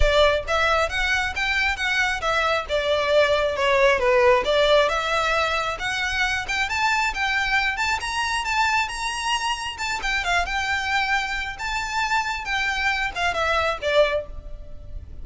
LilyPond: \new Staff \with { instrumentName = "violin" } { \time 4/4 \tempo 4 = 135 d''4 e''4 fis''4 g''4 | fis''4 e''4 d''2 | cis''4 b'4 d''4 e''4~ | e''4 fis''4. g''8 a''4 |
g''4. a''8 ais''4 a''4 | ais''2 a''8 g''8 f''8 g''8~ | g''2 a''2 | g''4. f''8 e''4 d''4 | }